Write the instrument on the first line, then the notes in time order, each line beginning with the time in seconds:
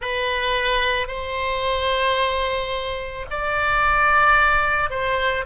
oboe
0.01 B4
1.07 C5
3.30 D5
4.90 C5